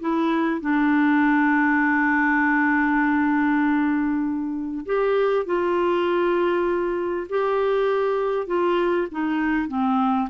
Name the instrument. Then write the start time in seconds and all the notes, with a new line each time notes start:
clarinet
0.00 E4
0.61 D4
4.85 G4
5.45 F4
7.29 G4
8.47 F4
9.11 D#4
9.68 C4